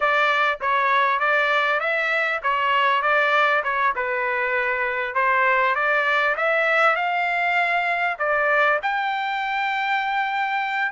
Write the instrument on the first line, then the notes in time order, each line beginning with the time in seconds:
trumpet
0.00 D5
0.60 C#5
1.19 D5
1.80 E5
2.42 C#5
3.02 D5
3.63 C#5
3.95 B4
5.14 C5
5.75 D5
6.36 E5
6.95 F5
8.18 D5
8.82 G5